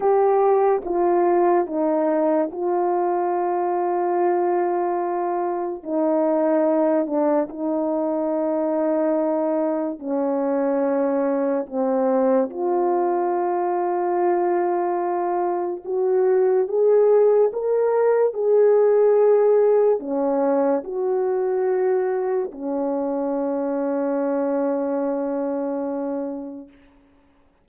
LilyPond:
\new Staff \with { instrumentName = "horn" } { \time 4/4 \tempo 4 = 72 g'4 f'4 dis'4 f'4~ | f'2. dis'4~ | dis'8 d'8 dis'2. | cis'2 c'4 f'4~ |
f'2. fis'4 | gis'4 ais'4 gis'2 | cis'4 fis'2 cis'4~ | cis'1 | }